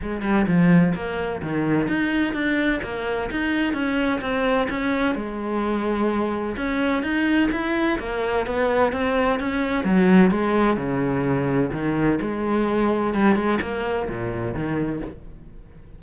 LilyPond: \new Staff \with { instrumentName = "cello" } { \time 4/4 \tempo 4 = 128 gis8 g8 f4 ais4 dis4 | dis'4 d'4 ais4 dis'4 | cis'4 c'4 cis'4 gis4~ | gis2 cis'4 dis'4 |
e'4 ais4 b4 c'4 | cis'4 fis4 gis4 cis4~ | cis4 dis4 gis2 | g8 gis8 ais4 ais,4 dis4 | }